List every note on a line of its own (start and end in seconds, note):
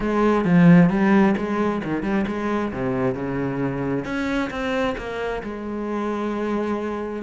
0.00 0.44 G#3
0.44 0.89 F3
0.89 1.34 G3
1.37 1.82 G#3
1.84 2.02 D#3
2.02 2.25 G3
2.27 2.72 G#3
2.73 3.15 C3
3.15 4.04 C#3
4.04 4.49 C#4
4.50 4.95 C4
4.97 5.42 A#3
5.43 7.22 G#3